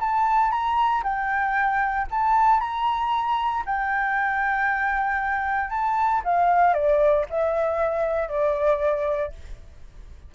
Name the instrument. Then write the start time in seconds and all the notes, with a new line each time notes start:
flute
0.00 A5
0.51 A#5
1.03 G5
2.10 A5
2.60 A#5
3.65 G5
5.70 A5
6.24 F5
6.73 D5
7.29 E5
8.29 D5